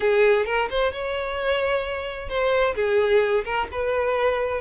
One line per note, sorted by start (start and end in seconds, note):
0.00 0.45 G#4
0.45 0.68 A#4
0.69 0.92 C5
0.92 2.28 C#5
2.28 2.75 C5
2.75 3.44 G#4
3.44 3.67 A#4
3.71 4.61 B4